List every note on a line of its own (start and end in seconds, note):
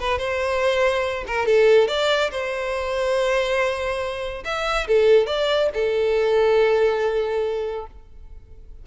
0.00 0.18 B4
0.18 1.25 C5
1.27 1.46 A#4
1.46 1.88 A4
1.88 2.31 D5
2.31 4.44 C5
4.45 4.87 E5
4.88 5.27 A4
5.27 5.69 D5
5.74 7.87 A4